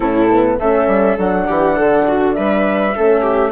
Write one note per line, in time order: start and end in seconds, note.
0.00 0.59 A2
0.00 0.28 C#4
0.00 0.58 E4
0.00 0.57 A4
0.31 0.60 B3
0.59 0.87 A3
0.59 1.18 C#4
0.59 1.47 A4
0.59 1.18 E5
0.87 1.16 G3
1.17 1.47 F#3
1.17 2.94 D4
1.17 2.33 F#5
1.47 1.79 E3
1.47 1.75 G4
1.75 2.37 D3
1.75 2.05 A4
2.07 2.36 F#4
2.33 2.96 G3
2.33 2.95 B4
2.33 3.51 E5
2.95 3.51 A3
2.95 3.51 C#4
2.95 3.21 A4
3.21 3.50 G4